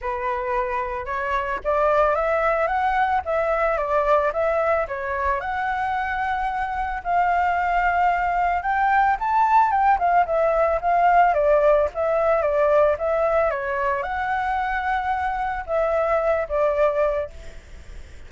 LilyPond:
\new Staff \with { instrumentName = "flute" } { \time 4/4 \tempo 4 = 111 b'2 cis''4 d''4 | e''4 fis''4 e''4 d''4 | e''4 cis''4 fis''2~ | fis''4 f''2. |
g''4 a''4 g''8 f''8 e''4 | f''4 d''4 e''4 d''4 | e''4 cis''4 fis''2~ | fis''4 e''4. d''4. | }